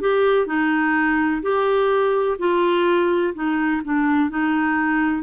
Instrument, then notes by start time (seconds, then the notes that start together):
clarinet
0.00 G4
0.46 D#4
1.42 G4
2.39 F4
3.34 D#4
3.84 D4
4.29 D#4